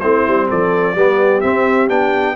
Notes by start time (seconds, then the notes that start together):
0.00 A3 C4 E4 C5
0.28 G3
0.49 F3 A4 D5
0.95 G3 B3 G4
1.41 C4 E5
1.89 B3 D4 G5